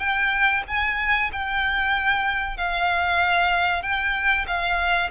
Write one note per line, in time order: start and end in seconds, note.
0.00 0.63 G5
0.68 1.31 G#5
1.33 2.58 G5
2.58 3.83 F5
3.83 4.46 G5
4.47 5.10 F5